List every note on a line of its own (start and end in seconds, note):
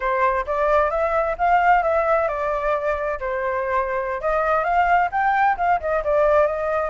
0.00 0.45 C5
0.46 0.90 D5
0.90 1.36 E5
1.38 1.82 F5
1.82 2.28 E5
2.28 3.19 D5
3.19 4.21 C5
4.21 4.63 D#5
4.63 5.09 F5
5.11 5.57 G5
5.57 5.80 F5
5.80 6.03 D#5
6.04 6.46 D5
6.46 6.90 D#5